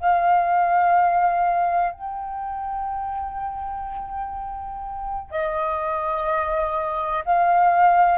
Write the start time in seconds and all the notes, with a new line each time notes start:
0.00 F5
1.93 G5
5.31 D#5
7.25 F5